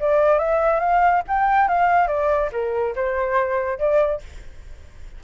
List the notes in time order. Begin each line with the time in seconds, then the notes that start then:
0.00 D5
0.39 E5
0.80 F5
1.28 G5
1.68 F5
2.08 D5
2.52 A#4
2.96 C5
3.79 D5